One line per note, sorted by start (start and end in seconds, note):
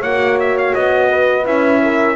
0.00 0.74 A#3
0.00 1.44 F#4
0.00 1.07 C#5
0.00 0.38 F#5
0.40 0.58 E5
0.58 0.75 F5
0.75 1.46 B3
0.75 1.46 D#5
1.09 1.81 B4
1.44 2.16 C#4
1.44 2.15 E4
1.44 2.16 E5
1.83 2.16 A#4